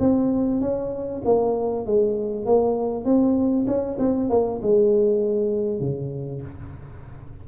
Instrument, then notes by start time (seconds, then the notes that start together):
tuba
0.00 C4
0.61 C#4
1.25 A#3
1.86 G#3
2.46 A#3
3.05 C4
3.67 C#4
3.99 C4
4.30 A#3
4.62 G#3
5.81 C#3